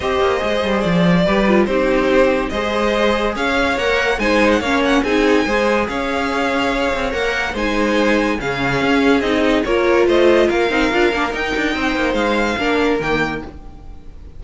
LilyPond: <<
  \new Staff \with { instrumentName = "violin" } { \time 4/4 \tempo 4 = 143 dis''2 d''2 | c''2 dis''2 | f''4 fis''4 gis''8. fis''16 f''8 fis''8 | gis''2 f''2~ |
f''4 fis''4 gis''2 | f''2 dis''4 cis''4 | dis''4 f''2 g''4~ | g''4 f''2 g''4 | }
  \new Staff \with { instrumentName = "violin" } { \time 4/4 c''2. b'4 | g'2 c''2 | cis''2 c''4 cis''4 | gis'4 c''4 cis''2~ |
cis''2 c''2 | gis'2. ais'4 | c''4 ais'2. | c''2 ais'2 | }
  \new Staff \with { instrumentName = "viola" } { \time 4/4 g'4 gis'2 g'8 f'8 | dis'2 gis'2~ | gis'4 ais'4 dis'4 cis'4 | dis'4 gis'2.~ |
gis'4 ais'4 dis'2 | cis'2 dis'4 f'4~ | f'4. dis'8 f'8 d'8 dis'4~ | dis'2 d'4 ais4 | }
  \new Staff \with { instrumentName = "cello" } { \time 4/4 c'8 ais8 gis8 g8 f4 g4 | c'2 gis2 | cis'4 ais4 gis4 ais4 | c'4 gis4 cis'2~ |
cis'8 c'8 ais4 gis2 | cis4 cis'4 c'4 ais4 | a4 ais8 c'8 d'8 ais8 dis'8 d'8 | c'8 ais8 gis4 ais4 dis4 | }
>>